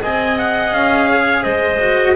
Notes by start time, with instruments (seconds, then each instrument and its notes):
0.00 double bass C4, cello G#4, clarinet D#5, trumpet G#5
0.38 trumpet F#5
0.72 double bass C#4, trumpet F5
1.09 clarinet C#5
1.43 double bass G#3, clarinet C5, trumpet D#5
1.80 cello F#4